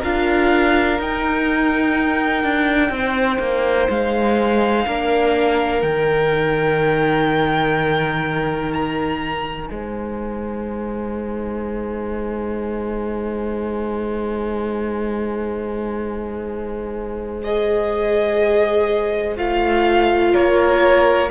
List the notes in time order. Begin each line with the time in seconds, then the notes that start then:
0.00 D4 F4 A#4 F5
0.99 D#4 G5
2.44 D4
2.91 C4 C5
3.40 A#3
3.90 G#3 F5
4.87 A#3 D4 A#4
5.82 D#3 D#4 G5
8.74 A#5
9.67 G#3 C5 G#5
17.44 G#4 D#5
19.37 A3 F4 F5
20.34 A#3 A#4 C#5